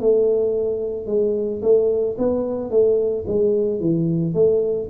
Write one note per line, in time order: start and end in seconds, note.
0.00 1.06 A3
1.06 1.61 G#3
1.62 2.17 A3
2.18 2.70 B3
2.70 3.25 A3
3.27 3.80 G#3
3.80 4.34 E3
4.34 4.88 A3